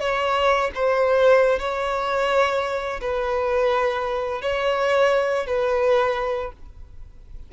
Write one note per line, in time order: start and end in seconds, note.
0.00 0.71 C#5
0.74 1.59 C5
1.59 3.00 C#5
3.00 4.41 B4
4.41 5.46 C#5
5.46 6.52 B4